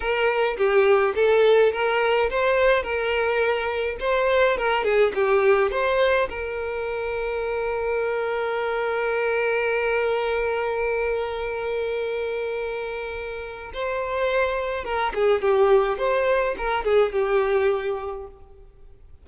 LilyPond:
\new Staff \with { instrumentName = "violin" } { \time 4/4 \tempo 4 = 105 ais'4 g'4 a'4 ais'4 | c''4 ais'2 c''4 | ais'8 gis'8 g'4 c''4 ais'4~ | ais'1~ |
ais'1~ | ais'1 | c''2 ais'8 gis'8 g'4 | c''4 ais'8 gis'8 g'2 | }